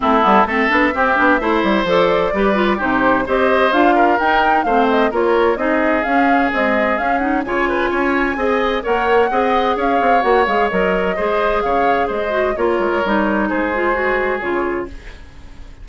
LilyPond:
<<
  \new Staff \with { instrumentName = "flute" } { \time 4/4 \tempo 4 = 129 a'4 e''2. | d''2 c''4 dis''4 | f''4 g''4 f''8 dis''8 cis''4 | dis''4 f''4 dis''4 f''8 fis''8 |
gis''2. fis''4~ | fis''4 f''4 fis''8 f''8 dis''4~ | dis''4 f''4 dis''4 cis''4~ | cis''4 c''2 cis''4 | }
  \new Staff \with { instrumentName = "oboe" } { \time 4/4 e'4 a'4 g'4 c''4~ | c''4 b'4 g'4 c''4~ | c''8 ais'4. c''4 ais'4 | gis'1 |
cis''8 b'8 cis''4 dis''4 cis''4 | dis''4 cis''2. | c''4 cis''4 c''4 ais'4~ | ais'4 gis'2. | }
  \new Staff \with { instrumentName = "clarinet" } { \time 4/4 c'8 b8 c'8 d'8 c'8 d'8 e'4 | a'4 g'8 f'8 dis'4 g'4 | f'4 dis'4 c'4 f'4 | dis'4 cis'4 gis4 cis'8 dis'8 |
f'2 gis'4 ais'4 | gis'2 fis'8 gis'8 ais'4 | gis'2~ gis'8 fis'8 f'4 | dis'4. f'8 fis'4 f'4 | }
  \new Staff \with { instrumentName = "bassoon" } { \time 4/4 a8 g8 a8 b8 c'8 b8 a8 g8 | f4 g4 c4 c'4 | d'4 dis'4 a4 ais4 | c'4 cis'4 c'4 cis'4 |
cis4 cis'4 c'4 ais4 | c'4 cis'8 c'8 ais8 gis8 fis4 | gis4 cis4 gis4 ais8 gis8 | g4 gis2 cis4 | }
>>